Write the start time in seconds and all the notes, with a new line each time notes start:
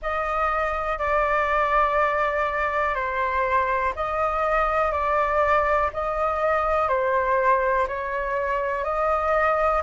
0.02 D#5
0.98 D5
2.95 C5
3.95 D#5
4.91 D5
5.93 D#5
6.88 C5
7.87 C#5
8.83 D#5